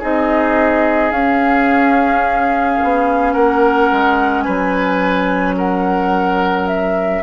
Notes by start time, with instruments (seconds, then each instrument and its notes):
0.00 bassoon C4, clarinet D#4, oboe G#4, flute D#5
1.11 bassoon C#4, clarinet C#4, flute F5
2.83 bassoon B3
3.33 bassoon A#3, oboe A#4, flute F#5
3.92 bassoon G#3
4.42 bassoon F#3, oboe B4, flute G#5
5.58 oboe A#4, flute F#5
6.68 flute E5